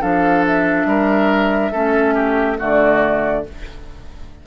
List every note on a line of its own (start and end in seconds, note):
0.00 0.85 F3
0.00 1.71 D4
0.00 0.86 A4
0.00 0.44 F5
0.46 2.60 E5
0.85 1.71 G3
0.85 1.71 A#4
1.71 2.58 A3
1.71 2.58 C#4
1.71 2.14 A4
2.14 2.57 G4
2.58 3.46 D3
2.58 3.43 A3
2.58 3.44 F#4
2.58 3.46 D5